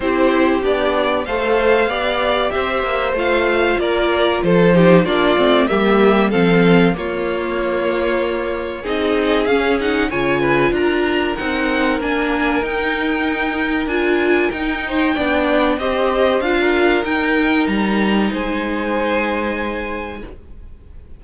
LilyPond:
<<
  \new Staff \with { instrumentName = "violin" } { \time 4/4 \tempo 4 = 95 c''4 d''4 f''2 | e''4 f''4 d''4 c''4 | d''4 e''4 f''4 cis''4~ | cis''2 dis''4 f''8 fis''8 |
gis''4 ais''4 fis''4 gis''4 | g''2 gis''4 g''4~ | g''4 dis''4 f''4 g''4 | ais''4 gis''2. | }
  \new Staff \with { instrumentName = "violin" } { \time 4/4 g'2 c''4 d''4 | c''2 ais'4 a'8 g'8 | f'4 g'4 a'4 f'4~ | f'2 gis'2 |
cis''8 b'8 ais'2.~ | ais'2.~ ais'8 c''8 | d''4 c''4~ c''16 ais'4.~ ais'16~ | ais'4 c''2. | }
  \new Staff \with { instrumentName = "viola" } { \time 4/4 e'4 d'4 a'4 g'4~ | g'4 f'2~ f'8 dis'8 | d'8 c'8 ais4 c'4 ais4~ | ais2 dis'4 cis'8 dis'8 |
f'2 dis'4 d'4 | dis'2 f'4 dis'4 | d'4 g'4 f'4 dis'4~ | dis'1 | }
  \new Staff \with { instrumentName = "cello" } { \time 4/4 c'4 b4 a4 b4 | c'8 ais8 a4 ais4 f4 | ais8 a8 g4 f4 ais4~ | ais2 c'4 cis'4 |
cis4 d'4 c'4 ais4 | dis'2 d'4 dis'4 | b4 c'4 d'4 dis'4 | g4 gis2. | }
>>